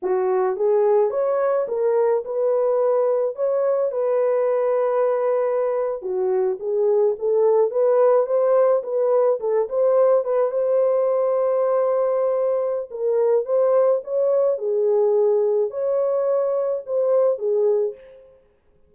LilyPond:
\new Staff \with { instrumentName = "horn" } { \time 4/4 \tempo 4 = 107 fis'4 gis'4 cis''4 ais'4 | b'2 cis''4 b'4~ | b'2~ b'8. fis'4 gis'16~ | gis'8. a'4 b'4 c''4 b'16~ |
b'8. a'8 c''4 b'8 c''4~ c''16~ | c''2. ais'4 | c''4 cis''4 gis'2 | cis''2 c''4 gis'4 | }